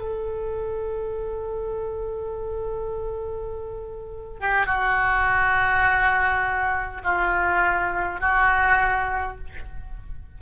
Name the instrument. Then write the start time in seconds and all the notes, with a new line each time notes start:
oboe
0.00 A4
4.40 G4
4.66 F#4
7.04 F4
8.20 F#4